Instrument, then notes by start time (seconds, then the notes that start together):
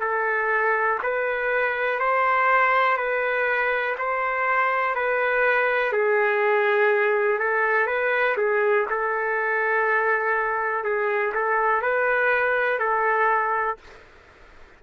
trumpet
0.00 A4
1.03 B4
1.99 C5
2.97 B4
3.98 C5
4.95 B4
5.92 G#4
7.39 A4
7.86 B4
8.37 G#4
8.90 A4
10.84 G#4
11.34 A4
11.82 B4
12.79 A4